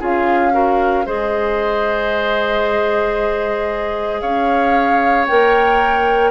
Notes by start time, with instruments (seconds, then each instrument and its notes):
0.00 bassoon C#4, clarinet F4, oboe G#4, flute F5
0.52 clarinet F#4, oboe A#4
1.06 bassoon G#3, clarinet G#4, oboe C5, flute D#5
4.21 bassoon C#4, oboe C#5, flute F5
5.27 bassoon A#3, clarinet A#4, flute G5